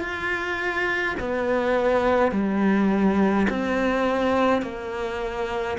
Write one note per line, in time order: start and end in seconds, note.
0.00 1.15 F4
1.20 2.32 B3
2.32 3.47 G3
3.50 4.62 C4
4.62 5.77 A#3